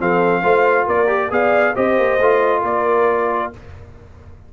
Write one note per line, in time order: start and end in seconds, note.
0.00 0.44 F3
0.00 0.44 C4
0.00 0.43 A4
0.00 0.89 F5
0.43 0.88 A3
0.43 1.07 F4
0.43 0.86 C5
0.86 1.31 A#3
0.86 1.30 A#4
0.86 1.32 D5
1.07 1.29 G4
1.31 1.75 B3
1.31 1.75 G#4
1.31 1.76 D5
1.31 1.76 F5
1.76 1.99 C4
1.76 2.20 G4
1.76 2.62 C5
1.76 2.64 D#5
1.99 2.20 A#3
2.20 2.64 A3
2.20 3.54 F4
2.62 3.51 A#3
2.62 3.50 A#4
2.62 3.53 D5